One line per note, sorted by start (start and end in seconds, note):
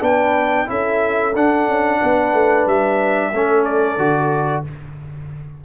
0.00 0.67 B3
0.00 0.66 D4
0.00 0.66 B4
0.00 0.69 G5
0.66 1.35 C#4
0.66 1.32 E4
0.66 2.00 A4
0.66 1.35 E5
1.35 1.68 D4
1.35 3.34 D4
1.35 2.67 F#5
1.68 2.01 C#4
2.00 2.33 B3
2.00 3.31 B4
2.33 2.66 A3
2.66 3.32 G3
2.66 3.64 E5
3.31 3.97 A3
3.31 3.98 C#4
3.31 4.63 A4
3.64 4.63 D5
3.97 4.63 D3
3.97 4.64 F#4